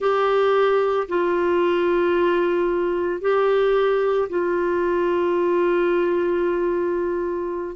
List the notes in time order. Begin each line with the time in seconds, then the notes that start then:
0.00 G4
1.08 F4
3.21 G4
4.29 F4